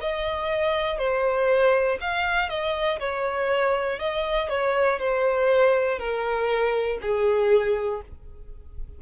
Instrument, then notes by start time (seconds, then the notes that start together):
violin
0.00 D#5
0.98 C5
2.00 F5
2.49 D#5
3.00 C#5
3.99 D#5
4.49 C#5
4.99 C5
5.99 A#4
7.01 G#4